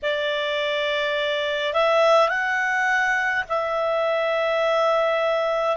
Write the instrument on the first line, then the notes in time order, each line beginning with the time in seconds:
clarinet
0.02 D5
1.73 E5
2.28 F#5
3.49 E5